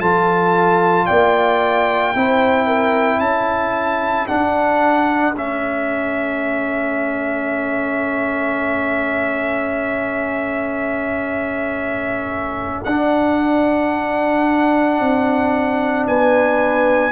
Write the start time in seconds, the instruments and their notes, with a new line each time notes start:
0.00 tuba F3, trombone F4, horn A4, trumpet A5
1.06 tuba A#3, horn D5, trumpet G5
2.15 tuba C4, trombone E4, horn C5
2.67 horn A#4
3.19 tuba C#4, horn A4, trumpet A5
4.27 trombone D4, tuba D4, trumpet F#5
5.36 tuba A3, trombone C#4, trumpet E5
12.84 tuba D4, trombone D4, trumpet F#5
15.00 tuba C4
16.07 tuba B3, horn B4, trumpet G#5